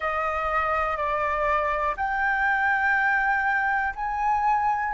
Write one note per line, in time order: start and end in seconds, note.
0.00 0.97 D#5
0.97 1.95 D5
1.97 3.93 G5
3.95 4.93 G#5